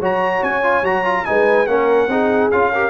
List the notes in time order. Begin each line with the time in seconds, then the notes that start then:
0.00 F#3 F#4 C#5 A#5
0.43 C#4 G#5
0.63 F4
0.82 F#3 F#4 A#5
1.05 F4
1.25 G#3 D#4 B4 G#5
1.67 A#3 C#4 A#4 F#5
2.07 C4 D#4 G#4
2.51 C#4 F4 F5
2.72 G4 A#4